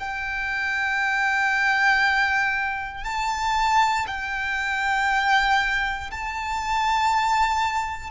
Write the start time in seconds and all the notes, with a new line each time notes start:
0.00 G5
3.05 A5
4.07 G5
6.11 A5